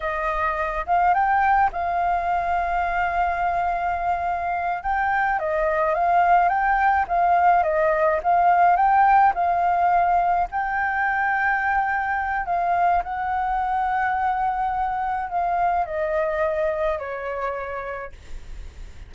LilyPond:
\new Staff \with { instrumentName = "flute" } { \time 4/4 \tempo 4 = 106 dis''4. f''8 g''4 f''4~ | f''1~ | f''8 g''4 dis''4 f''4 g''8~ | g''8 f''4 dis''4 f''4 g''8~ |
g''8 f''2 g''4.~ | g''2 f''4 fis''4~ | fis''2. f''4 | dis''2 cis''2 | }